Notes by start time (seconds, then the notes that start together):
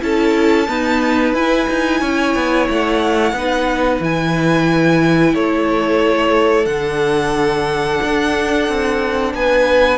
0.00 C#4 E4 A4 A5
0.68 B3 D#4 B4
1.34 E4 G#5
1.69 D#4
2.00 C#4 C#5
2.35 B3
2.69 A3 F#5
3.33 B3 D#4 B4
4.00 E3 E4 G#5
5.34 A3 A4 C#5
6.66 D3 D4 F#5
8.03 D4
8.69 C4
9.34 B3 B4 G#5